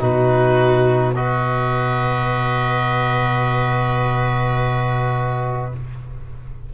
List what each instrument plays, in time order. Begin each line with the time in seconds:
0.00 tuba B2, trombone D#4, viola F#4, oboe B4
1.15 trombone F#4, viola B4, oboe D#5